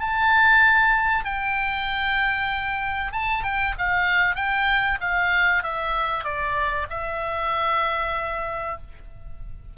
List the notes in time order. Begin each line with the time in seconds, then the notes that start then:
0.00 A5
1.25 G5
3.12 A5
3.43 G5
3.78 F5
4.36 G5
5.01 F5
5.63 E5
6.24 D5
6.90 E5